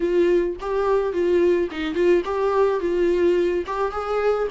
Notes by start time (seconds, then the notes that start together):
0.00 F4
0.60 G4
1.12 F4
1.71 D#4
1.94 F4
2.24 G4
2.80 F4
3.66 G4
3.91 G#4